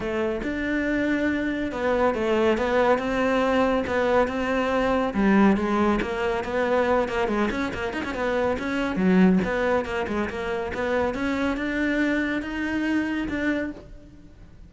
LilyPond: \new Staff \with { instrumentName = "cello" } { \time 4/4 \tempo 4 = 140 a4 d'2. | b4 a4 b4 c'4~ | c'4 b4 c'2 | g4 gis4 ais4 b4~ |
b8 ais8 gis8 cis'8 ais8 dis'16 cis'16 b4 | cis'4 fis4 b4 ais8 gis8 | ais4 b4 cis'4 d'4~ | d'4 dis'2 d'4 | }